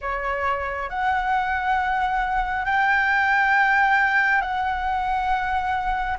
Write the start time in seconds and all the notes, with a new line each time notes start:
0.01 C#5
0.89 F#5
2.65 G5
4.41 F#5